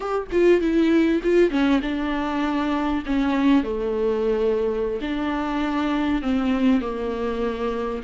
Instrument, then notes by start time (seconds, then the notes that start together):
viola
0.00 G4
0.31 F4
0.60 E4
1.23 F4
1.50 C#4
1.82 D4
3.06 C#4
3.63 A3
5.01 D4
6.21 C4
6.81 A#3